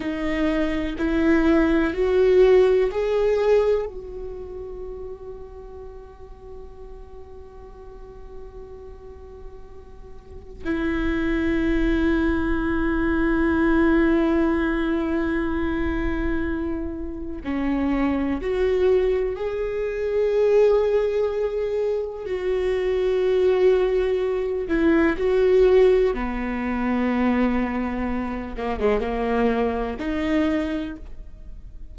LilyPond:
\new Staff \with { instrumentName = "viola" } { \time 4/4 \tempo 4 = 62 dis'4 e'4 fis'4 gis'4 | fis'1~ | fis'2. e'4~ | e'1~ |
e'2 cis'4 fis'4 | gis'2. fis'4~ | fis'4. e'8 fis'4 b4~ | b4. ais16 gis16 ais4 dis'4 | }